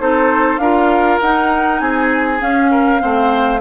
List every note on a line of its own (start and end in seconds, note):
0.00 0.58 C4
0.00 0.61 D#4
0.00 0.61 A4
0.00 0.59 C5
0.58 1.18 D4
0.58 1.22 F4
0.58 1.82 A#4
0.58 1.19 F5
1.21 1.81 D#4
1.21 2.40 D#4
1.21 1.80 F#5
1.80 2.41 C4
1.80 2.71 G#4
1.80 2.41 G#5
2.40 2.99 C#4
2.40 3.02 C#4
2.40 3.61 F5
2.71 3.02 A#4
2.99 3.61 A3
2.99 3.60 C4
2.99 3.61 C5